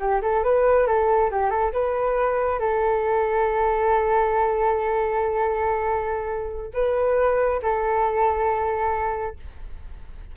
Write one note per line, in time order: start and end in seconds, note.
0.00 0.22 G4
0.22 0.44 A4
0.44 0.88 B4
0.88 1.31 A4
1.31 1.51 G4
1.51 1.73 A4
1.73 2.60 B4
2.60 6.73 A4
6.74 7.61 B4
7.63 9.37 A4